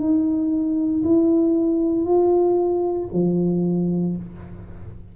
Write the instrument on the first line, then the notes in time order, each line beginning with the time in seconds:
tuba
0.00 D#4
1.04 E4
2.05 F4
3.13 F3